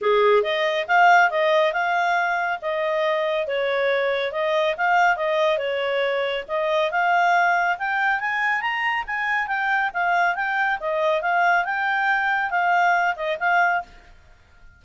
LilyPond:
\new Staff \with { instrumentName = "clarinet" } { \time 4/4 \tempo 4 = 139 gis'4 dis''4 f''4 dis''4 | f''2 dis''2 | cis''2 dis''4 f''4 | dis''4 cis''2 dis''4 |
f''2 g''4 gis''4 | ais''4 gis''4 g''4 f''4 | g''4 dis''4 f''4 g''4~ | g''4 f''4. dis''8 f''4 | }